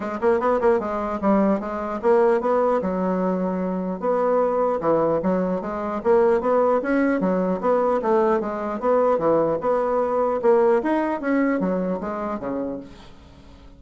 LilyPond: \new Staff \with { instrumentName = "bassoon" } { \time 4/4 \tempo 4 = 150 gis8 ais8 b8 ais8 gis4 g4 | gis4 ais4 b4 fis4~ | fis2 b2 | e4 fis4 gis4 ais4 |
b4 cis'4 fis4 b4 | a4 gis4 b4 e4 | b2 ais4 dis'4 | cis'4 fis4 gis4 cis4 | }